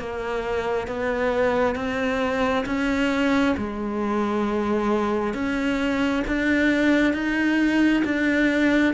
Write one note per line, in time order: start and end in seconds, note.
0.00 0.88 A#3
0.88 1.76 B3
1.76 2.65 C4
2.66 3.56 C#4
3.57 5.34 G#3
5.34 6.24 C#4
6.28 7.14 D4
7.14 8.04 D#4
8.05 8.94 D4